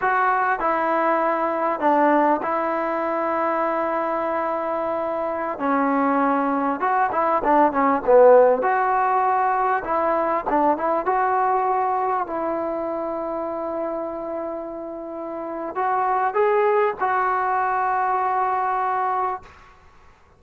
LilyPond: \new Staff \with { instrumentName = "trombone" } { \time 4/4 \tempo 4 = 99 fis'4 e'2 d'4 | e'1~ | e'4~ e'16 cis'2 fis'8 e'16~ | e'16 d'8 cis'8 b4 fis'4.~ fis'16~ |
fis'16 e'4 d'8 e'8 fis'4.~ fis'16~ | fis'16 e'2.~ e'8.~ | e'2 fis'4 gis'4 | fis'1 | }